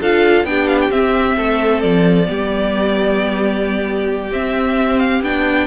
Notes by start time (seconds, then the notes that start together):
0.00 D4 F4 A4 F5
0.44 B3 D4 G4 G5
0.67 F5
0.81 G5
0.90 C4 E5
1.37 A3 A4
1.80 F3 D5
2.25 G3 B3 G4
4.31 C4 E5
4.99 F5
5.21 B3 D4 G5